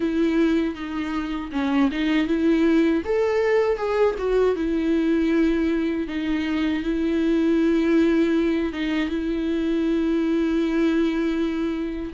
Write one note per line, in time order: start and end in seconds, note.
0.00 0.74 E4
0.74 1.50 D#4
1.52 1.90 C#4
1.91 2.27 D#4
2.27 3.03 E4
3.04 3.77 A4
3.77 4.15 G#4
4.18 4.55 F#4
4.55 6.07 E4
6.07 6.83 D#4
6.83 8.72 E4
8.72 9.09 D#4
9.09 12.12 E4